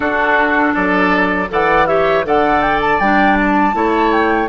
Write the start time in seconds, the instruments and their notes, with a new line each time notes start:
0.00 bassoon D4, clarinet D4, oboe F#4, flute A4
0.73 bassoon F#3, oboe A4, flute D5
1.48 bassoon E3, clarinet A4, oboe D5, flute F#5
1.86 clarinet G4, oboe C#5, flute E5
2.24 bassoon D3, clarinet A4, oboe D5, flute F#5
2.61 flute G5
2.81 flute A5
2.99 bassoon G3, clarinet D4, flute G5
3.39 flute A5
3.72 bassoon A3, clarinet E4, oboe C#5
4.11 flute G5